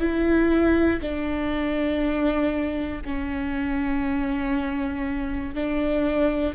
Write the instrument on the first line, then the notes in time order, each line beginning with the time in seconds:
viola
0.00 E4
1.02 D4
3.05 C#4
5.55 D4